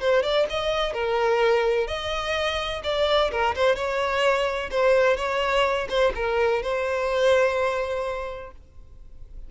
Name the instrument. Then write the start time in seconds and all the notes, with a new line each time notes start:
violin
0.00 C5
0.23 D5
0.49 D#5
0.93 A#4
1.87 D#5
2.83 D5
3.31 A#4
3.55 C5
3.75 C#5
4.71 C5
5.16 C#5
5.89 C5
6.15 A#4
6.62 C5